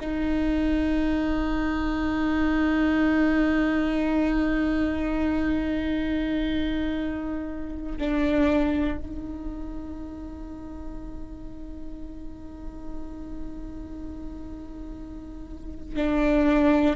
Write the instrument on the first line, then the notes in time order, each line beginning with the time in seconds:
viola
0.00 D#4
7.99 D4
8.98 D#4
15.96 D4